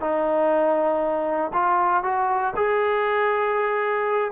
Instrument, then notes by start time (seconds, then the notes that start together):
trombone
0.00 D#4
1.53 F4
2.03 F#4
2.56 G#4